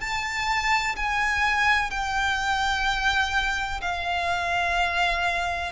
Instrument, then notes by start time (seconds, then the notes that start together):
violin
0.00 A5
0.96 G#5
1.90 G5
3.81 F5